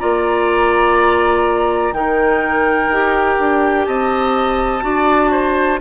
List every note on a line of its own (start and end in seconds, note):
0.00 1.92 A#3
0.00 1.94 F4
0.00 1.94 D5
0.00 1.94 A#5
1.92 2.89 D#3
1.92 2.91 D#4
1.92 3.87 A#4
1.92 3.85 G5
2.89 3.37 D#4
2.89 4.82 G4
3.39 3.87 D4
3.85 4.83 C4
3.85 4.84 D#5
3.85 5.79 A5
4.82 5.80 D4
4.82 5.78 F#4
4.82 5.31 D5
5.31 5.80 C5